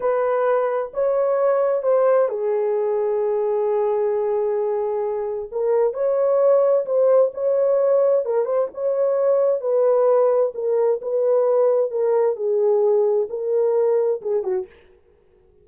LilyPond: \new Staff \with { instrumentName = "horn" } { \time 4/4 \tempo 4 = 131 b'2 cis''2 | c''4 gis'2.~ | gis'1 | ais'4 cis''2 c''4 |
cis''2 ais'8 c''8 cis''4~ | cis''4 b'2 ais'4 | b'2 ais'4 gis'4~ | gis'4 ais'2 gis'8 fis'8 | }